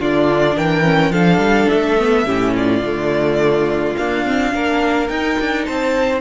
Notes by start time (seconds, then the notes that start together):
0.00 D3 D4 F4 D5
0.56 E3 A#4 G5
0.84 C#4
1.10 F3 D4 A4 F5
1.38 G3
1.69 A3 E5
1.98 B3
2.25 A2 C#4 G4
2.55 F4 D5
2.82 D3 A3
3.96 A#3 D4 F5
4.26 C4
4.52 A#3 D4 A#4
5.08 D#4 G5
5.39 D4
5.65 C4 C5 A5